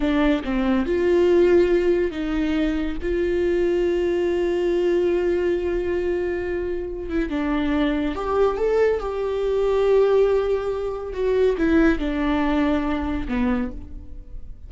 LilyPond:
\new Staff \with { instrumentName = "viola" } { \time 4/4 \tempo 4 = 140 d'4 c'4 f'2~ | f'4 dis'2 f'4~ | f'1~ | f'1~ |
f'8 e'8 d'2 g'4 | a'4 g'2.~ | g'2 fis'4 e'4 | d'2. b4 | }